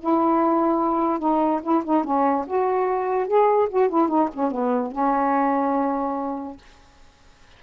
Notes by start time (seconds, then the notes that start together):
0.00 E4
1.19 D#4
1.63 E4
1.84 D#4
2.04 C#4
2.47 F#4
3.27 G#4
3.69 F#4
3.89 E4
4.08 D#4
4.33 C#4
4.51 B3
4.92 C#4